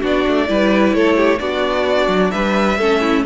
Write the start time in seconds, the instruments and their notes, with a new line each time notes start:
0.00 cello B3, viola D4, violin F#4
0.06 violin D5
0.27 cello A3
0.47 cello G3, viola E4, violin B4
0.93 cello A3, violin A4 C#5
1.16 violin G4
1.38 cello B3, viola D4, violin F#4 D5
2.07 cello F#3
2.31 cello G3, violin B4 E5
2.78 cello A3, viola C#4, violin A4
3.00 violin E4